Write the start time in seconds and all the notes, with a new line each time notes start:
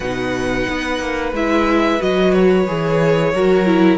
0.00 B2 D#4 B4 F#5
0.68 B3
0.99 A#3
1.32 G#3 E4 E5
1.99 F#3 F#4 D#5
2.33 C#5
2.67 E3 G#4
3.33 F#3 F#4 A#4
3.66 E4